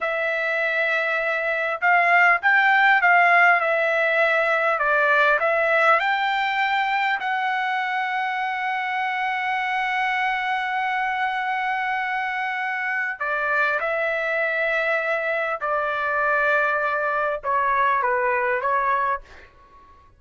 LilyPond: \new Staff \with { instrumentName = "trumpet" } { \time 4/4 \tempo 4 = 100 e''2. f''4 | g''4 f''4 e''2 | d''4 e''4 g''2 | fis''1~ |
fis''1~ | fis''2 d''4 e''4~ | e''2 d''2~ | d''4 cis''4 b'4 cis''4 | }